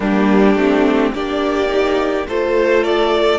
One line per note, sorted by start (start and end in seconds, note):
0.00 0.55 G3
0.00 0.54 A#3
0.00 1.13 D4
0.00 1.13 G4
0.55 1.12 A3
0.55 1.13 C4
1.13 2.26 A#3
1.13 1.68 D4
1.13 2.26 G4
1.13 2.26 D5
1.68 2.24 D#4
2.27 3.39 A3
2.27 3.39 F4
2.27 3.39 A4
2.27 2.83 C5
2.83 3.39 D5